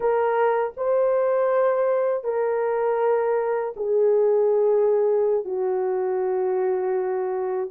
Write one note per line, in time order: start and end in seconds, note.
0.00 0.73 A#4
0.76 2.23 C5
2.23 3.73 A#4
3.76 5.44 G#4
5.44 7.69 F#4